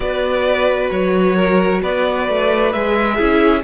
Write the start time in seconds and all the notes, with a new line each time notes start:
0.00 B3 F#4 B4 D5
0.90 F#3 C#5
1.35 A#4
1.82 B3 B4 D5
2.29 A3
2.71 G#3 G#4 E5
3.15 C#4 E4 G#4